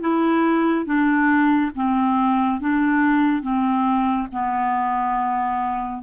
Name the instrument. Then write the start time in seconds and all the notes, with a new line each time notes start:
clarinet
0.00 E4
0.85 D4
1.75 C4
2.60 D4
3.42 C4
4.32 B3